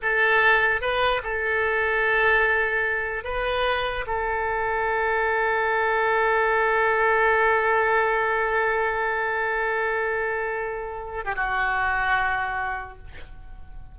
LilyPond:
\new Staff \with { instrumentName = "oboe" } { \time 4/4 \tempo 4 = 148 a'2 b'4 a'4~ | a'1 | b'2 a'2~ | a'1~ |
a'1~ | a'1~ | a'2.~ a'8. g'16 | fis'1 | }